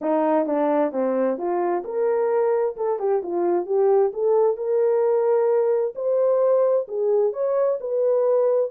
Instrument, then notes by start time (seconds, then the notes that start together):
horn
0.01 D#4
0.46 D4
0.92 C4
1.37 F4
1.84 A#4
2.76 A4
2.99 G4
3.22 F4
3.66 G4
4.13 A4
4.56 A#4
5.95 C5
6.88 G#4
7.32 C#5
7.80 B4